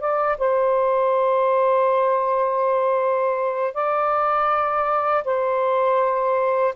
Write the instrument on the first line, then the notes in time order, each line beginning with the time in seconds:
saxophone
0.00 D5
0.38 C5
3.74 D5
5.25 C5